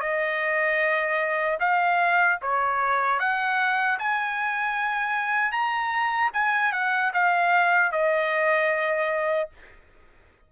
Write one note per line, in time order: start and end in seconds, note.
0.00 1.58 D#5
1.60 2.39 F5
2.42 3.19 C#5
3.19 3.98 F#5
3.99 5.52 G#5
5.52 6.31 A#5
6.33 6.72 G#5
6.72 7.12 F#5
7.13 7.92 F5
7.92 9.50 D#5